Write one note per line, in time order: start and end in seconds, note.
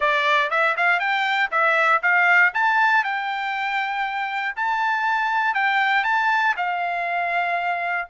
0.00 0.50 D5
0.50 0.75 E5
0.77 0.99 F5
0.99 1.50 G5
1.51 2.01 E5
2.02 2.52 F5
2.53 3.04 A5
3.04 4.55 G5
4.56 5.54 A5
5.54 6.04 G5
6.04 6.54 A5
6.56 8.08 F5